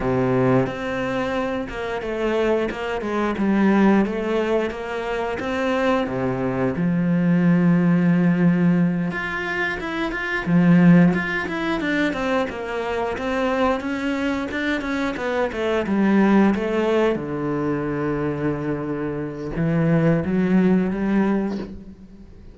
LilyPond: \new Staff \with { instrumentName = "cello" } { \time 4/4 \tempo 4 = 89 c4 c'4. ais8 a4 | ais8 gis8 g4 a4 ais4 | c'4 c4 f2~ | f4. f'4 e'8 f'8 f8~ |
f8 f'8 e'8 d'8 c'8 ais4 c'8~ | c'8 cis'4 d'8 cis'8 b8 a8 g8~ | g8 a4 d2~ d8~ | d4 e4 fis4 g4 | }